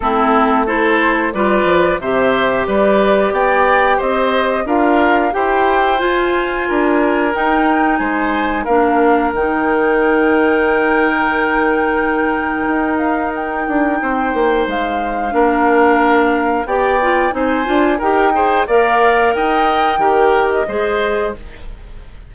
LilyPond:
<<
  \new Staff \with { instrumentName = "flute" } { \time 4/4 \tempo 4 = 90 a'4 c''4 d''4 e''4 | d''4 g''4 dis''4 f''4 | g''4 gis''2 g''4 | gis''4 f''4 g''2~ |
g''2.~ g''8 f''8 | g''2 f''2~ | f''4 g''4 gis''4 g''4 | f''4 g''4.~ g''16 dis''4~ dis''16 | }
  \new Staff \with { instrumentName = "oboe" } { \time 4/4 e'4 a'4 b'4 c''4 | b'4 d''4 c''4 ais'4 | c''2 ais'2 | c''4 ais'2.~ |
ais'1~ | ais'4 c''2 ais'4~ | ais'4 d''4 c''4 ais'8 c''8 | d''4 dis''4 ais'4 c''4 | }
  \new Staff \with { instrumentName = "clarinet" } { \time 4/4 c'4 e'4 f'4 g'4~ | g'2. f'4 | g'4 f'2 dis'4~ | dis'4 d'4 dis'2~ |
dis'1~ | dis'2. d'4~ | d'4 g'8 f'8 dis'8 f'8 g'8 gis'8 | ais'2 g'4 gis'4 | }
  \new Staff \with { instrumentName = "bassoon" } { \time 4/4 a2 g8 f8 c4 | g4 b4 c'4 d'4 | e'4 f'4 d'4 dis'4 | gis4 ais4 dis2~ |
dis2. dis'4~ | dis'8 d'8 c'8 ais8 gis4 ais4~ | ais4 b4 c'8 d'8 dis'4 | ais4 dis'4 dis4 gis4 | }
>>